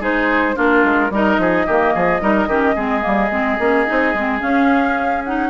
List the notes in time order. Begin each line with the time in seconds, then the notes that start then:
0.00 G#3 D#4 G#4 C5
0.55 A#3 D4 F4 A#4
0.83 G#3
1.10 G3 D#4 A#4 D#5
1.38 F3 G#4
1.66 D#3 A#3 G4
1.94 F3 G#4
2.21 G3 D#4 A#4
2.47 D#3 C#4 G4
2.75 G#3 C4 G#4
3.01 G3 A#3
3.30 G#3 C4
3.59 A#3 C#4
3.86 C4 D#4
4.14 G#3 C4
4.39 C#4 F5
5.24 D#4 F#5